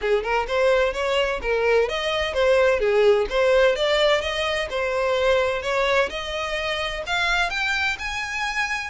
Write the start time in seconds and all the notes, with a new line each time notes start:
0.01 G#4
0.23 A#4
0.47 C5
0.93 C#5
1.42 A#4
1.89 D#5
2.33 C5
2.79 G#4
3.29 C5
3.75 D5
4.21 D#5
4.70 C5
5.62 C#5
6.09 D#5
7.06 F5
7.50 G5
7.98 G#5